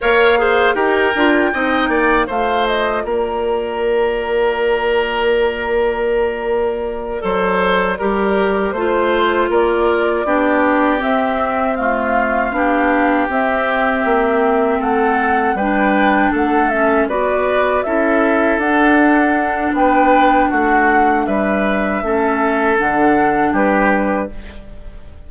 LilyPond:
<<
  \new Staff \with { instrumentName = "flute" } { \time 4/4 \tempo 4 = 79 f''4 g''2 f''8 dis''8 | d''1~ | d''2.~ d''8 c''8~ | c''8 d''2 e''4 f''8~ |
f''4. e''2 fis''8~ | fis''8 g''4 fis''8 e''8 d''4 e''8~ | e''8 fis''4. g''4 fis''4 | e''2 fis''4 b'4 | }
  \new Staff \with { instrumentName = "oboe" } { \time 4/4 cis''8 c''8 ais'4 dis''8 d''8 c''4 | ais'1~ | ais'4. c''4 ais'4 c''8~ | c''8 ais'4 g'2 f'8~ |
f'8 g'2. a'8~ | a'8 b'4 a'4 b'4 a'8~ | a'2 b'4 fis'4 | b'4 a'2 g'4 | }
  \new Staff \with { instrumentName = "clarinet" } { \time 4/4 ais'8 gis'8 g'8 f'8 dis'4 f'4~ | f'1~ | f'4. a'4 g'4 f'8~ | f'4. d'4 c'4 a8~ |
a8 d'4 c'2~ c'8~ | c'8 d'4. cis'8 fis'4 e'8~ | e'8 d'2.~ d'8~ | d'4 cis'4 d'2 | }
  \new Staff \with { instrumentName = "bassoon" } { \time 4/4 ais4 dis'8 d'8 c'8 ais8 a4 | ais1~ | ais4. fis4 g4 a8~ | a8 ais4 b4 c'4.~ |
c'8 b4 c'4 ais4 a8~ | a8 g4 a4 b4 cis'8~ | cis'8 d'4. b4 a4 | g4 a4 d4 g4 | }
>>